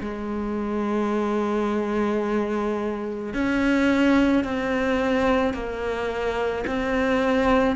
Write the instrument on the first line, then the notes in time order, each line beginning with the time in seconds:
cello
0.00 G#3
3.33 C#4
4.44 C4
5.53 A#3
6.67 C4